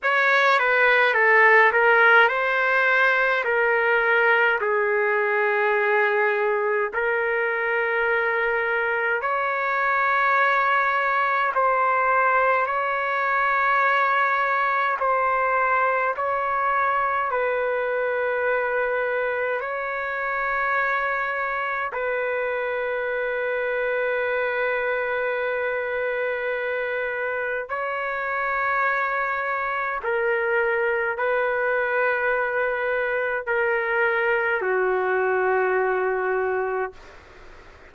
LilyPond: \new Staff \with { instrumentName = "trumpet" } { \time 4/4 \tempo 4 = 52 cis''8 b'8 a'8 ais'8 c''4 ais'4 | gis'2 ais'2 | cis''2 c''4 cis''4~ | cis''4 c''4 cis''4 b'4~ |
b'4 cis''2 b'4~ | b'1 | cis''2 ais'4 b'4~ | b'4 ais'4 fis'2 | }